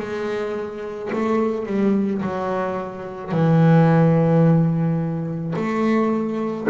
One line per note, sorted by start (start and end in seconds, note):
0.00 1.11 G#3
1.13 1.66 A3
1.66 2.22 G3
2.22 3.32 F#3
3.32 5.54 E3
5.56 6.67 A3